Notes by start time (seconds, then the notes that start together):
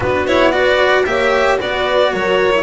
0.00 B3 D4 F#4 B4
0.26 E4 C#5
0.51 F#4 B4 D5
1.05 A#3 G4 C#5 E5
1.58 B3 F#4 B4 D5
2.13 F#3 A#4 C#5
2.52 E4